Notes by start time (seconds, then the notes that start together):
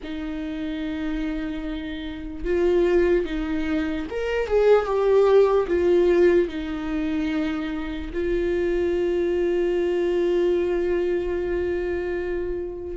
0.03 D#4
2.44 F4
3.25 D#4
4.09 A#4
4.47 G#4
4.85 G4
5.68 F4
6.48 D#4
8.13 F4